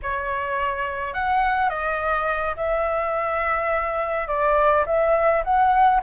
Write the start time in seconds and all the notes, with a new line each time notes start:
0.02 C#5
1.13 F#5
1.69 D#5
2.56 E5
4.27 D5
4.85 E5
5.44 F#5